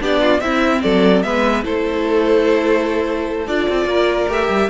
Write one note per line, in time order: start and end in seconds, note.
0.00 0.41 B3
0.00 0.41 D4
0.00 0.21 G4
0.00 0.41 D5
0.21 0.41 F4
0.41 0.82 C4
0.41 1.25 C4
0.41 0.84 E4
0.41 0.82 E5
0.83 1.24 F#3
0.83 1.24 A4
0.83 1.23 D5
1.23 1.65 G#3
1.23 1.63 B3
1.23 1.65 B4
1.23 1.64 E5
1.63 3.48 A3
1.63 3.47 E4
1.63 3.89 A4
1.63 3.48 C5
3.48 3.68 D4
3.48 4.29 F4
3.48 4.30 D5
3.70 3.86 C4
3.86 4.26 A#3
3.86 4.70 A#4
4.28 4.49 A3
4.28 4.70 G4
4.28 4.70 E5
4.49 4.70 G3